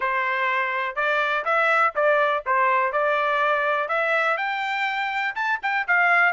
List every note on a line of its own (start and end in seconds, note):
0.00 0.95 C5
0.95 1.44 D5
1.45 1.93 E5
1.95 2.44 D5
2.45 2.92 C5
2.92 3.88 D5
3.88 4.37 E5
4.37 5.34 G5
5.35 5.59 A5
5.62 5.86 G5
5.87 6.33 F5